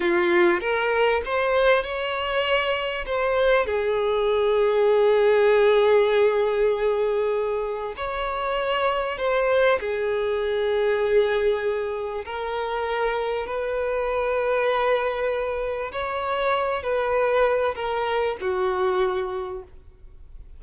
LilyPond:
\new Staff \with { instrumentName = "violin" } { \time 4/4 \tempo 4 = 98 f'4 ais'4 c''4 cis''4~ | cis''4 c''4 gis'2~ | gis'1~ | gis'4 cis''2 c''4 |
gis'1 | ais'2 b'2~ | b'2 cis''4. b'8~ | b'4 ais'4 fis'2 | }